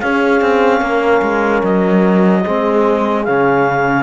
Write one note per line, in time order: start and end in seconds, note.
0.00 2.45 C#4
0.00 0.41 C#4
0.00 0.80 G#4
0.00 1.62 F5
0.41 0.81 C4
0.80 1.21 A#3
0.80 2.42 A#4
1.22 1.62 G#3
1.64 2.45 F#3
1.64 3.24 D#5
2.43 3.27 G#3
2.43 3.26 C4
2.43 4.03 G#4
3.24 4.03 C#3
3.24 4.03 C#4
3.24 4.03 F5